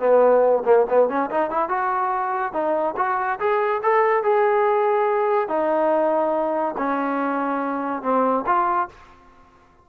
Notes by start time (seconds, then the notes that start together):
0.00 B3
0.66 A#3
0.90 B3
1.09 C#4
1.31 D#4
1.51 E4
1.69 F#4
2.53 D#4
2.97 F#4
3.40 G#4
3.83 A4
4.24 G#4
5.49 D#4
6.78 C#4
8.03 C4
8.47 F4